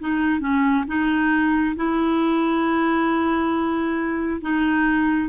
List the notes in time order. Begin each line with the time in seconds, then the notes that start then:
0.00 D#4
0.41 C#4
0.87 D#4
1.76 E4
4.41 D#4